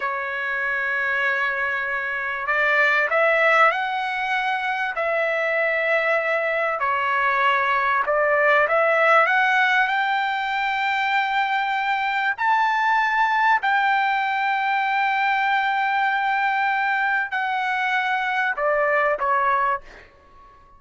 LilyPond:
\new Staff \with { instrumentName = "trumpet" } { \time 4/4 \tempo 4 = 97 cis''1 | d''4 e''4 fis''2 | e''2. cis''4~ | cis''4 d''4 e''4 fis''4 |
g''1 | a''2 g''2~ | g''1 | fis''2 d''4 cis''4 | }